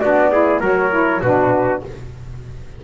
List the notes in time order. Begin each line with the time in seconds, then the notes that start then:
0.00 B3 D4 F#4 D5
0.31 E4 G#4
0.60 F#3 F#4 A#4 C#5
0.90 E4
1.21 B2 D4 F#4 B4